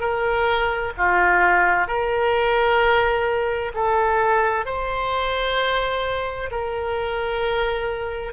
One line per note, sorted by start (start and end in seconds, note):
0.00 0.92 A#4
0.97 1.87 F4
1.87 3.72 A#4
3.74 4.65 A4
4.65 6.50 C5
6.51 8.33 A#4